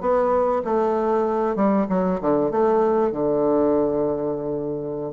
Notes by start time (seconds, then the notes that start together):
0.00 B3
0.64 A3
1.55 G3
1.89 F#3
2.20 D3
2.51 A3
3.11 D3